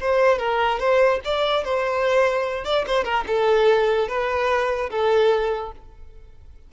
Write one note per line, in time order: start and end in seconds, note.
0.00 0.38 C5
0.38 0.79 A#4
0.79 1.20 C5
1.24 1.64 D5
1.64 2.64 C5
2.64 2.85 D5
2.87 3.04 C5
3.04 3.24 A#4
3.27 4.08 A4
4.08 4.89 B4
4.90 5.71 A4